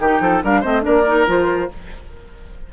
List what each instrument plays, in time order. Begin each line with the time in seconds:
0.00 bassoon D#3, clarinet D#4, oboe G4, flute G5
0.21 bassoon F3, oboe A4
0.43 bassoon G3, clarinet D4, oboe A#4, flute F5
0.61 bassoon A3, clarinet C4, oboe C5, flute D#5
0.81 bassoon A#3, clarinet D4, oboe A#4, flute D5
1.07 clarinet D#4
1.26 bassoon F3, clarinet F4, flute C5